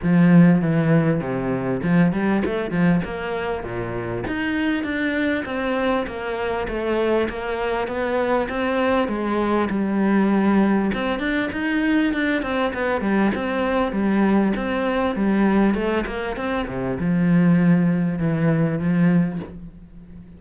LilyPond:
\new Staff \with { instrumentName = "cello" } { \time 4/4 \tempo 4 = 99 f4 e4 c4 f8 g8 | a8 f8 ais4 ais,4 dis'4 | d'4 c'4 ais4 a4 | ais4 b4 c'4 gis4 |
g2 c'8 d'8 dis'4 | d'8 c'8 b8 g8 c'4 g4 | c'4 g4 a8 ais8 c'8 c8 | f2 e4 f4 | }